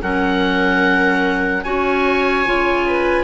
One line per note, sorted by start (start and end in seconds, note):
0.00 1.64 F#3
0.00 1.62 C#4
0.00 1.64 A#4
0.00 1.63 F#5
1.63 2.46 C#4
1.63 2.45 F#4
1.63 2.86 C#5
1.63 3.24 G#5
2.45 3.24 C#3
2.45 3.24 F4
2.87 3.24 B4